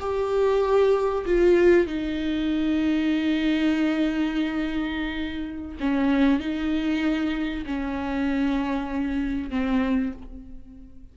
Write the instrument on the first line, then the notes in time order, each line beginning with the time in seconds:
viola
0.00 G4
1.26 F4
1.87 D#4
5.80 C#4
6.40 D#4
7.66 C#4
9.50 C4